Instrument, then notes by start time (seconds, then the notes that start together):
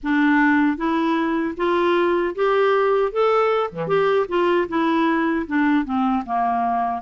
clarinet
0.03 D4
0.77 E4
1.56 F4
2.35 G4
3.12 A4
3.71 E3
3.87 G4
4.28 F4
4.68 E4
5.46 D4
5.84 C4
6.25 A#3